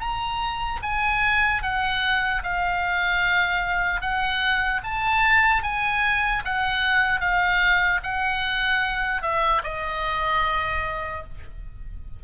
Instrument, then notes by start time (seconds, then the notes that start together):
oboe
0.00 A#5
0.82 G#5
1.62 F#5
2.43 F5
4.01 F#5
4.84 A5
5.63 G#5
6.45 F#5
7.20 F5
8.03 F#5
9.22 E5
9.64 D#5